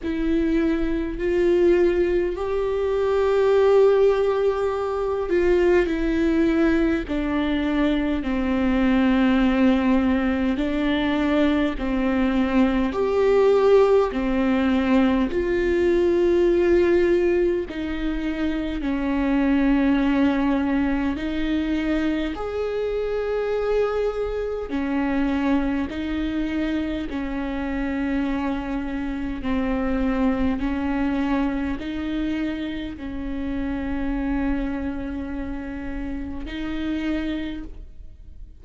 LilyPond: \new Staff \with { instrumentName = "viola" } { \time 4/4 \tempo 4 = 51 e'4 f'4 g'2~ | g'8 f'8 e'4 d'4 c'4~ | c'4 d'4 c'4 g'4 | c'4 f'2 dis'4 |
cis'2 dis'4 gis'4~ | gis'4 cis'4 dis'4 cis'4~ | cis'4 c'4 cis'4 dis'4 | cis'2. dis'4 | }